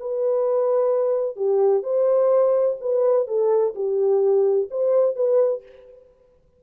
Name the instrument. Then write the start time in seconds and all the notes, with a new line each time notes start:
horn
0.00 B4
1.36 G4
1.83 C5
2.81 B4
3.27 A4
3.75 G4
4.71 C5
5.16 B4